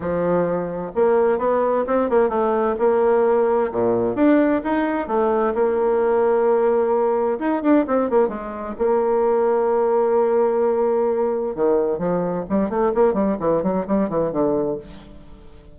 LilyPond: \new Staff \with { instrumentName = "bassoon" } { \time 4/4 \tempo 4 = 130 f2 ais4 b4 | c'8 ais8 a4 ais2 | ais,4 d'4 dis'4 a4 | ais1 |
dis'8 d'8 c'8 ais8 gis4 ais4~ | ais1~ | ais4 dis4 f4 g8 a8 | ais8 g8 e8 fis8 g8 e8 d4 | }